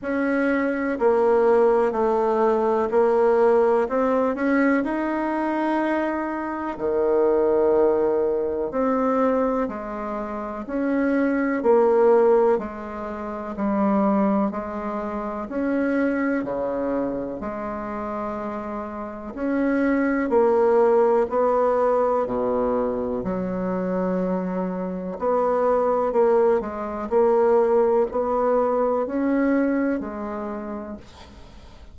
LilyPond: \new Staff \with { instrumentName = "bassoon" } { \time 4/4 \tempo 4 = 62 cis'4 ais4 a4 ais4 | c'8 cis'8 dis'2 dis4~ | dis4 c'4 gis4 cis'4 | ais4 gis4 g4 gis4 |
cis'4 cis4 gis2 | cis'4 ais4 b4 b,4 | fis2 b4 ais8 gis8 | ais4 b4 cis'4 gis4 | }